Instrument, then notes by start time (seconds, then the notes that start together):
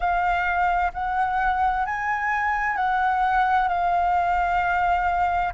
flute
0.00 F5
0.93 F#5
1.85 G#5
2.76 F#5
3.68 F5